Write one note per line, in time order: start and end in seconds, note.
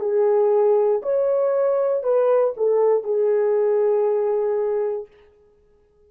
0.00 1.02 G#4
1.03 2.03 C#5
2.03 2.54 B4
2.57 3.04 A4
3.04 5.07 G#4